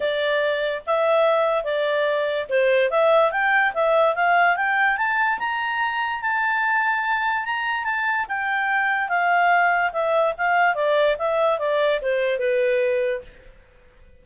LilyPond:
\new Staff \with { instrumentName = "clarinet" } { \time 4/4 \tempo 4 = 145 d''2 e''2 | d''2 c''4 e''4 | g''4 e''4 f''4 g''4 | a''4 ais''2 a''4~ |
a''2 ais''4 a''4 | g''2 f''2 | e''4 f''4 d''4 e''4 | d''4 c''4 b'2 | }